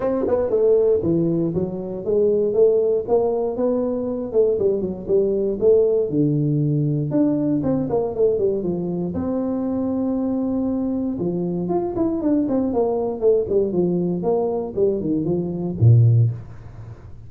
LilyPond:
\new Staff \with { instrumentName = "tuba" } { \time 4/4 \tempo 4 = 118 c'8 b8 a4 e4 fis4 | gis4 a4 ais4 b4~ | b8 a8 g8 fis8 g4 a4 | d2 d'4 c'8 ais8 |
a8 g8 f4 c'2~ | c'2 f4 f'8 e'8 | d'8 c'8 ais4 a8 g8 f4 | ais4 g8 dis8 f4 ais,4 | }